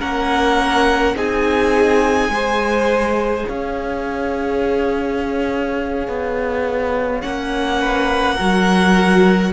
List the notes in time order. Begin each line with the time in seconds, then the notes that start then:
0.00 A#3 C#4 A#4 F#5
1.15 C4 D#4 G#4 G#5
2.29 G#3 G#4 C5
3.48 C#4 C#5 F5
6.08 B3
7.22 A#3 C#4 F#5
7.81 B4
8.36 F#3 F#4 A#4